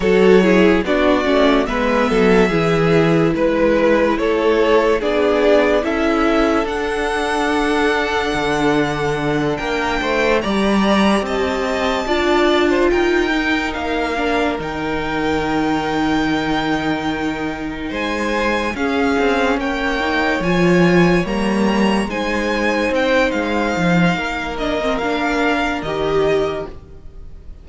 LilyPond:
<<
  \new Staff \with { instrumentName = "violin" } { \time 4/4 \tempo 4 = 72 cis''4 d''4 e''2 | b'4 cis''4 d''4 e''4 | fis''2.~ fis''8 g''8~ | g''8 ais''4 a''2 g''8~ |
g''8 f''4 g''2~ g''8~ | g''4. gis''4 f''4 g''8~ | g''8 gis''4 ais''4 gis''4 g''8 | f''4. dis''8 f''4 dis''4 | }
  \new Staff \with { instrumentName = "violin" } { \time 4/4 a'8 gis'8 fis'4 b'8 a'8 gis'4 | b'4 a'4 gis'4 a'4~ | a'2.~ a'8 ais'8 | c''8 d''4 dis''4 d''8. c''16 ais'8~ |
ais'1~ | ais'4. c''4 gis'4 cis''8~ | cis''2~ cis''8 c''4.~ | c''4 ais'2. | }
  \new Staff \with { instrumentName = "viola" } { \time 4/4 fis'8 e'8 d'8 cis'8 b4 e'4~ | e'2 d'4 e'4 | d'1~ | d'8 g'2 f'4. |
dis'4 d'8 dis'2~ dis'8~ | dis'2~ dis'8 cis'4. | dis'8 f'4 ais4 dis'4.~ | dis'4. d'16 c'16 d'4 g'4 | }
  \new Staff \with { instrumentName = "cello" } { \time 4/4 fis4 b8 a8 gis8 fis8 e4 | gis4 a4 b4 cis'4 | d'2 d4. ais8 | a8 g4 c'4 d'4 dis'8~ |
dis'8 ais4 dis2~ dis8~ | dis4. gis4 cis'8 c'8 ais8~ | ais8 f4 g4 gis4 c'8 | gis8 f8 ais2 dis4 | }
>>